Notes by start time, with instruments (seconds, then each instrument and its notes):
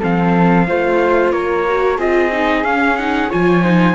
0.00 cello F3, viola C4, flute A4, trumpet F5
0.68 cello A3, viola F4, flute C5
1.33 cello A#3, flute A#4, trumpet C#5
1.69 viola F#4
1.98 cello C4, viola F4, flute G#4, trumpet D#5
2.32 viola D#4
2.64 cello C#4, viola C#4, trumpet F5
2.97 viola D#4, trumpet F#5
3.30 cello F3, viola F4, flute C#5, trumpet G#5
3.63 viola D#4, flute C5